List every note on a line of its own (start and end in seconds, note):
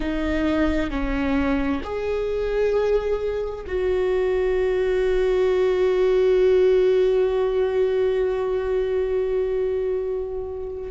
0.00 0.90 D#4
0.90 1.81 C#4
1.83 3.65 G#4
3.66 10.91 F#4